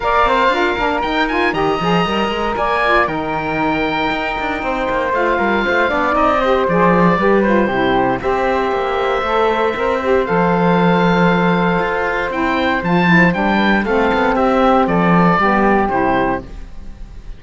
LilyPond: <<
  \new Staff \with { instrumentName = "oboe" } { \time 4/4 \tempo 4 = 117 f''2 g''8 gis''8 ais''4~ | ais''4 gis''4 g''2~ | g''2 f''2 | dis''4 d''4. c''4. |
e''1 | f''1 | g''4 a''4 g''4 f''4 | e''4 d''2 c''4 | }
  \new Staff \with { instrumentName = "flute" } { \time 4/4 d''8 c''8 ais'2 dis''4~ | dis''4 d''4 ais'2~ | ais'4 c''4. ais'8 c''8 d''8~ | d''8 c''4. b'4 g'4 |
c''1~ | c''1~ | c''2~ c''8 b'8 a'4 | g'4 a'4 g'2 | }
  \new Staff \with { instrumentName = "saxophone" } { \time 4/4 ais'4 f'8 d'8 dis'8 f'8 g'8 gis'8 | ais'4. f'8 dis'2~ | dis'2 f'4. d'8 | dis'8 g'8 gis'4 g'8 f'8 e'4 |
g'2 a'4 ais'8 g'8 | a'1 | e'4 f'8 e'8 d'4 c'4~ | c'2 b4 e'4 | }
  \new Staff \with { instrumentName = "cello" } { \time 4/4 ais8 c'8 d'8 ais8 dis'4 dis8 f8 | g8 gis8 ais4 dis2 | dis'8 d'8 c'8 ais8 a8 g8 a8 b8 | c'4 f4 g4 c4 |
c'4 ais4 a4 c'4 | f2. f'4 | c'4 f4 g4 a8 b8 | c'4 f4 g4 c4 | }
>>